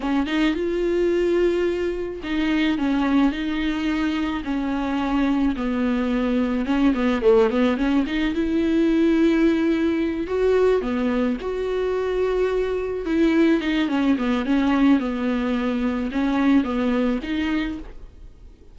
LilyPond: \new Staff \with { instrumentName = "viola" } { \time 4/4 \tempo 4 = 108 cis'8 dis'8 f'2. | dis'4 cis'4 dis'2 | cis'2 b2 | cis'8 b8 a8 b8 cis'8 dis'8 e'4~ |
e'2~ e'8 fis'4 b8~ | b8 fis'2. e'8~ | e'8 dis'8 cis'8 b8 cis'4 b4~ | b4 cis'4 b4 dis'4 | }